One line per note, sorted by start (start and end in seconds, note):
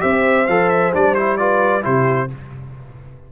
0.00 0.48 C4
0.00 0.46 G4
0.00 1.39 C5
0.00 0.47 E5
0.47 0.94 F3
0.47 0.93 A4
0.47 0.69 F5
0.69 0.92 E5
0.93 1.86 G3
0.93 1.16 D4
0.93 1.15 D5
1.15 1.39 E4
1.15 1.37 C5
1.37 1.82 F4
1.37 1.85 B4
1.37 1.83 D5
1.82 2.32 C3
1.82 2.28 E4
1.82 2.30 G4
1.82 2.31 C5